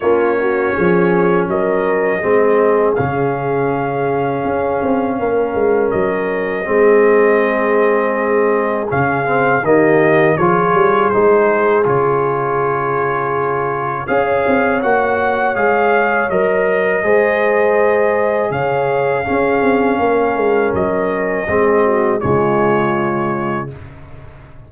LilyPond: <<
  \new Staff \with { instrumentName = "trumpet" } { \time 4/4 \tempo 4 = 81 cis''2 dis''2 | f''1 | dis''1 | f''4 dis''4 cis''4 c''4 |
cis''2. f''4 | fis''4 f''4 dis''2~ | dis''4 f''2. | dis''2 cis''2 | }
  \new Staff \with { instrumentName = "horn" } { \time 4/4 f'8 fis'8 gis'4 ais'4 gis'4~ | gis'2. ais'4~ | ais'4 gis'2.~ | gis'4 g'4 gis'2~ |
gis'2. cis''4~ | cis''2. c''4~ | c''4 cis''4 gis'4 ais'4~ | ais'4 gis'8 fis'8 f'2 | }
  \new Staff \with { instrumentName = "trombone" } { \time 4/4 cis'2. c'4 | cis'1~ | cis'4 c'2. | cis'8 c'8 ais4 f'4 dis'4 |
f'2. gis'4 | fis'4 gis'4 ais'4 gis'4~ | gis'2 cis'2~ | cis'4 c'4 gis2 | }
  \new Staff \with { instrumentName = "tuba" } { \time 4/4 ais4 f4 fis4 gis4 | cis2 cis'8 c'8 ais8 gis8 | fis4 gis2. | cis4 dis4 f8 g8 gis4 |
cis2. cis'8 c'8 | ais4 gis4 fis4 gis4~ | gis4 cis4 cis'8 c'8 ais8 gis8 | fis4 gis4 cis2 | }
>>